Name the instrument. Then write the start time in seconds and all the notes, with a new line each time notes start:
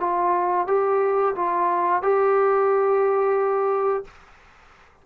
trombone
0.00 F4
0.67 G4
1.36 F4
2.02 G4